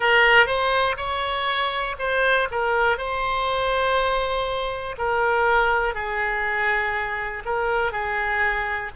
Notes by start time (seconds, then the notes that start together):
0.00 A#4
0.46 C5
0.96 C#5
1.98 C5
2.51 A#4
2.97 C5
4.98 A#4
5.94 G#4
7.45 A#4
7.92 G#4